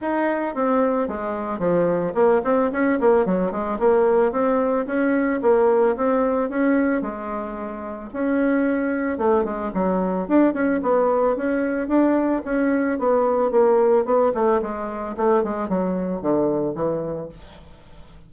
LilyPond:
\new Staff \with { instrumentName = "bassoon" } { \time 4/4 \tempo 4 = 111 dis'4 c'4 gis4 f4 | ais8 c'8 cis'8 ais8 fis8 gis8 ais4 | c'4 cis'4 ais4 c'4 | cis'4 gis2 cis'4~ |
cis'4 a8 gis8 fis4 d'8 cis'8 | b4 cis'4 d'4 cis'4 | b4 ais4 b8 a8 gis4 | a8 gis8 fis4 d4 e4 | }